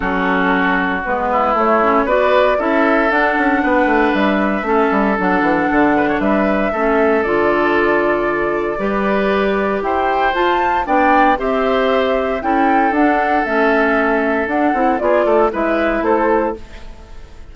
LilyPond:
<<
  \new Staff \with { instrumentName = "flute" } { \time 4/4 \tempo 4 = 116 a'2 b'4 cis''4 | d''4 e''4 fis''2 | e''2 fis''2 | e''2 d''2~ |
d''2. g''4 | a''4 g''4 e''2 | g''4 fis''4 e''2 | fis''4 d''4 e''4 c''4 | }
  \new Staff \with { instrumentName = "oboe" } { \time 4/4 fis'2~ fis'8 e'4. | b'4 a'2 b'4~ | b'4 a'2~ a'8 b'16 cis''16 | b'4 a'2.~ |
a'4 b'2 c''4~ | c''4 d''4 c''2 | a'1~ | a'4 gis'8 a'8 b'4 a'4 | }
  \new Staff \with { instrumentName = "clarinet" } { \time 4/4 cis'2 b4 a8 cis'8 | fis'4 e'4 d'2~ | d'4 cis'4 d'2~ | d'4 cis'4 f'2~ |
f'4 g'2. | f'4 d'4 g'2 | e'4 d'4 cis'2 | d'8 e'8 f'4 e'2 | }
  \new Staff \with { instrumentName = "bassoon" } { \time 4/4 fis2 gis4 a4 | b4 cis'4 d'8 cis'8 b8 a8 | g4 a8 g8 fis8 e8 d4 | g4 a4 d2~ |
d4 g2 e'4 | f'4 b4 c'2 | cis'4 d'4 a2 | d'8 c'8 b8 a8 gis4 a4 | }
>>